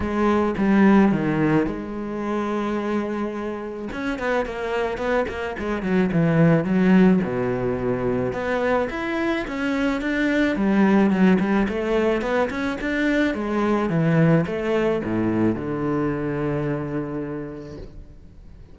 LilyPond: \new Staff \with { instrumentName = "cello" } { \time 4/4 \tempo 4 = 108 gis4 g4 dis4 gis4~ | gis2. cis'8 b8 | ais4 b8 ais8 gis8 fis8 e4 | fis4 b,2 b4 |
e'4 cis'4 d'4 g4 | fis8 g8 a4 b8 cis'8 d'4 | gis4 e4 a4 a,4 | d1 | }